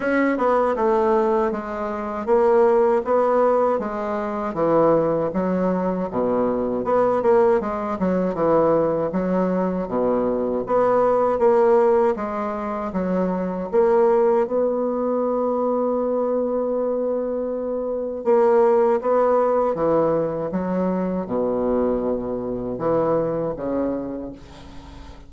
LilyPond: \new Staff \with { instrumentName = "bassoon" } { \time 4/4 \tempo 4 = 79 cis'8 b8 a4 gis4 ais4 | b4 gis4 e4 fis4 | b,4 b8 ais8 gis8 fis8 e4 | fis4 b,4 b4 ais4 |
gis4 fis4 ais4 b4~ | b1 | ais4 b4 e4 fis4 | b,2 e4 cis4 | }